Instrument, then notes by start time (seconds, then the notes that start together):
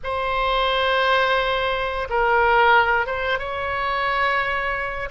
oboe
0.03 C5
2.09 A#4
3.06 C5
3.38 C#5